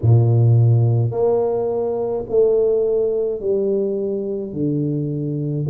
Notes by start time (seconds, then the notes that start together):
0.01 A#2
1.11 A#3
2.29 A3
3.40 G3
4.52 D3